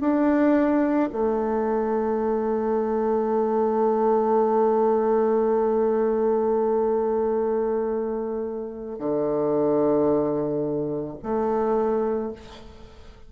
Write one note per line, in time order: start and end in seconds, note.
0.00 1.09 D4
1.12 8.99 A3
8.99 11.17 D3
11.23 12.32 A3